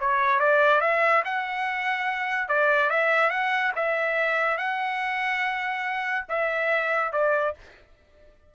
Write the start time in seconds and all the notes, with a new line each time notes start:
0.00 C#5
0.39 D5
0.81 E5
1.25 F#5
2.48 D5
2.90 E5
3.30 F#5
3.75 E5
4.57 F#5
6.29 E5
7.12 D5